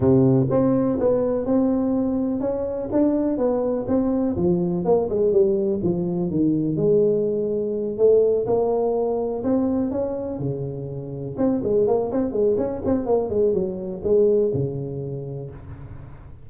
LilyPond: \new Staff \with { instrumentName = "tuba" } { \time 4/4 \tempo 4 = 124 c4 c'4 b4 c'4~ | c'4 cis'4 d'4 b4 | c'4 f4 ais8 gis8 g4 | f4 dis4 gis2~ |
gis8 a4 ais2 c'8~ | c'8 cis'4 cis2 c'8 | gis8 ais8 c'8 gis8 cis'8 c'8 ais8 gis8 | fis4 gis4 cis2 | }